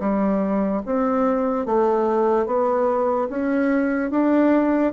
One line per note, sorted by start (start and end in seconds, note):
0.00 0.82 G3
0.86 1.66 C4
1.66 2.46 A3
2.46 3.28 B3
3.30 4.11 C#4
4.11 4.93 D4